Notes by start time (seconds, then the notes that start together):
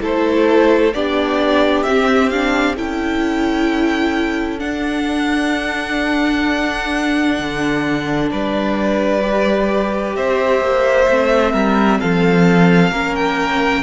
0.00 A3 E4 A4 C5
0.94 B3 D4 G4 D5
1.83 C4 E5
2.29 D4 F5
2.76 C#4 E4 A4 G5
4.59 D4 F#5
7.39 D3
8.32 G3 B4 D5
9.22 G4
10.16 C4 C5 E5
10.60 A#3
11.09 A3 C4
11.53 G3 A#4
12.00 F3 A4 F5
12.91 A#3 C#4 A#4
13.16 G5